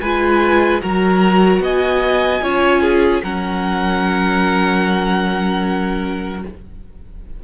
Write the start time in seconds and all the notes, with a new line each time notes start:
0.00 G#3 F4 B4 G#5
0.81 F#3 F#4 A#4 A#5
1.60 B3 D#5 G#5
2.42 C#4 F4 C#5
2.82 G#4
3.23 F#3 C#4 A#4 F#5